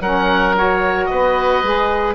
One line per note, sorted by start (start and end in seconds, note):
0.00 1.08 F#3
0.00 0.55 C#4
0.00 1.10 A#4
0.00 0.55 F#5
0.55 1.63 F#4
0.55 1.05 C#5
1.05 1.63 B3
1.05 2.15 B4
1.05 2.14 D#5
1.63 2.15 G#3
1.63 2.15 G#4